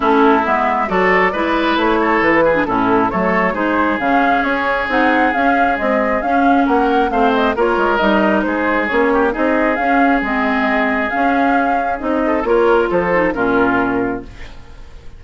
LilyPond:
<<
  \new Staff \with { instrumentName = "flute" } { \time 4/4 \tempo 4 = 135 a'4 e''4 d''2 | cis''4 b'4 a'4 cis''4 | c''4 f''4 cis''4 fis''4 | f''4 dis''4 f''4 fis''4 |
f''8 dis''8 cis''4 dis''4 c''4 | cis''4 dis''4 f''4 dis''4~ | dis''4 f''2 dis''4 | cis''4 c''4 ais'2 | }
  \new Staff \with { instrumentName = "oboe" } { \time 4/4 e'2 a'4 b'4~ | b'8 a'4 gis'8 e'4 a'4 | gis'1~ | gis'2. ais'4 |
c''4 ais'2 gis'4~ | gis'8 g'8 gis'2.~ | gis'2.~ gis'8 a'8 | ais'4 a'4 f'2 | }
  \new Staff \with { instrumentName = "clarinet" } { \time 4/4 cis'4 b4 fis'4 e'4~ | e'4.~ e'16 d'16 cis'4 a4 | dis'4 cis'2 dis'4 | cis'4 gis4 cis'2 |
c'4 f'4 dis'2 | cis'4 dis'4 cis'4 c'4~ | c'4 cis'2 dis'4 | f'4. dis'8 cis'2 | }
  \new Staff \with { instrumentName = "bassoon" } { \time 4/4 a4 gis4 fis4 gis4 | a4 e4 a,4 fis4 | gis4 cis4 cis'4 c'4 | cis'4 c'4 cis'4 ais4 |
a4 ais8 gis8 g4 gis4 | ais4 c'4 cis'4 gis4~ | gis4 cis'2 c'4 | ais4 f4 ais,2 | }
>>